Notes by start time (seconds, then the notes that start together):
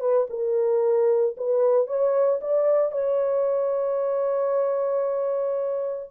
0.00 B4
0.29 A#4
1.37 B4
1.86 C#5
2.40 D5
2.91 C#5